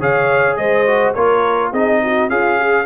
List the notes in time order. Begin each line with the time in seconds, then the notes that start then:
0.00 C#3 G#4 C#5 F5
0.56 G#3 C5 D#5
0.87 F#4
1.14 A#3 F4 A#4 C#5
1.72 C4 D#4 G#4 D#5
2.04 F#4
2.30 C#4 F4 G#4 F5
2.58 G#4